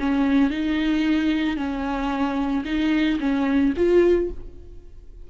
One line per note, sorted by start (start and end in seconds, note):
0.00 0.51 C#4
0.51 1.57 D#4
1.57 2.64 C#4
2.65 3.19 D#4
3.20 3.74 C#4
3.77 4.31 F4